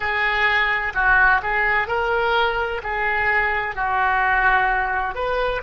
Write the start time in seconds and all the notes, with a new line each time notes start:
0.00 G#4
0.94 F#4
1.42 G#4
1.87 A#4
2.83 G#4
3.75 F#4
5.14 B4